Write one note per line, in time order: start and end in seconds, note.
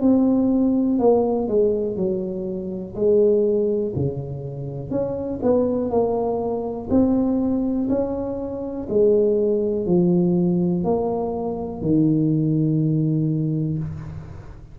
0.00 0.98 C4
0.98 1.48 A#3
1.48 1.96 G#3
1.96 2.94 F#3
2.95 3.93 G#3
3.95 4.90 C#3
4.90 5.39 C#4
5.42 5.90 B3
5.90 6.88 A#3
6.89 7.88 C4
7.89 8.87 C#4
8.88 9.86 G#3
9.86 10.84 F3
10.84 11.81 A#3
11.81 13.78 D#3